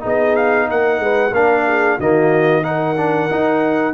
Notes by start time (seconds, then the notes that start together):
0.00 B3 D#4 G#4 D#5
0.36 F5
0.68 A#3 A#4 F#5
0.99 G#3 B4
1.32 A#3 D4 A#4 F5
1.67 G#4
1.97 D#3 A#3 F#4 D#5
2.63 D#4 A#4 F#5
2.97 D4
3.30 D#4